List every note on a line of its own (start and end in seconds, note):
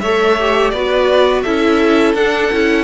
0.00 0.73 A3
0.00 0.39 A4
0.00 0.73 C#5
0.00 0.70 E5
0.39 0.75 G4
0.70 1.44 B3
0.70 1.46 F#4
0.70 1.44 B4
0.70 1.42 D5
1.43 2.14 C#4
1.43 2.16 E4
1.43 2.84 A4
1.43 2.14 E5
2.14 2.50 D4
2.14 2.52 D4
2.14 2.84 F#5
2.52 2.84 C#4
2.52 2.84 E4